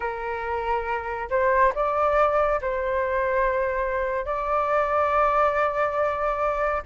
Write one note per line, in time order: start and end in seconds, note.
0.00 1.29 A#4
1.29 1.72 C5
1.74 2.60 D5
2.61 4.25 C5
4.25 6.82 D5